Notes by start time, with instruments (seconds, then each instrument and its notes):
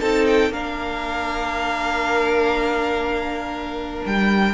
0.00 cello C4, viola D#4, violin A4 A5
0.27 violin G5
0.50 cello A#3, viola D4, violin A#4 F5
4.06 cello G3, violin G5